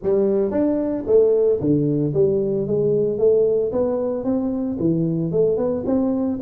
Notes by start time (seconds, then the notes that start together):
0.02 G3
0.51 D4
1.06 A3
1.60 D3
2.14 G3
2.67 G#3
3.18 A3
3.72 B3
4.24 C4
4.79 E3
5.31 A3
5.57 B3
5.86 C4